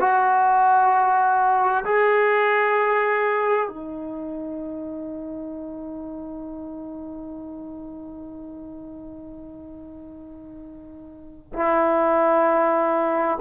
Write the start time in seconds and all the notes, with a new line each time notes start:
0.00 F#4
1.85 G#4
3.68 D#4
11.54 E4